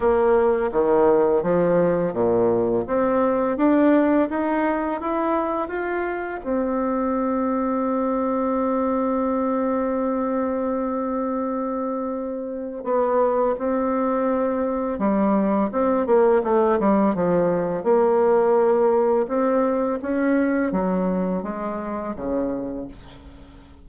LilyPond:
\new Staff \with { instrumentName = "bassoon" } { \time 4/4 \tempo 4 = 84 ais4 dis4 f4 ais,4 | c'4 d'4 dis'4 e'4 | f'4 c'2.~ | c'1~ |
c'2 b4 c'4~ | c'4 g4 c'8 ais8 a8 g8 | f4 ais2 c'4 | cis'4 fis4 gis4 cis4 | }